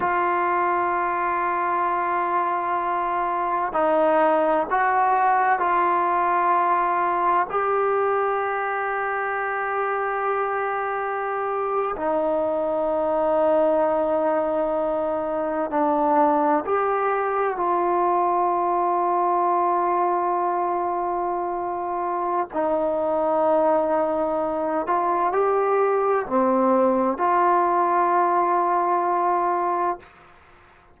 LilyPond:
\new Staff \with { instrumentName = "trombone" } { \time 4/4 \tempo 4 = 64 f'1 | dis'4 fis'4 f'2 | g'1~ | g'8. dis'2.~ dis'16~ |
dis'8. d'4 g'4 f'4~ f'16~ | f'1 | dis'2~ dis'8 f'8 g'4 | c'4 f'2. | }